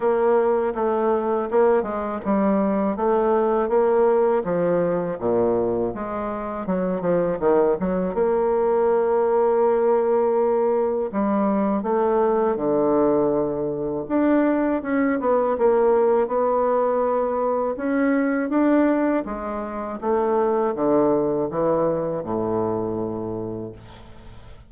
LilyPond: \new Staff \with { instrumentName = "bassoon" } { \time 4/4 \tempo 4 = 81 ais4 a4 ais8 gis8 g4 | a4 ais4 f4 ais,4 | gis4 fis8 f8 dis8 fis8 ais4~ | ais2. g4 |
a4 d2 d'4 | cis'8 b8 ais4 b2 | cis'4 d'4 gis4 a4 | d4 e4 a,2 | }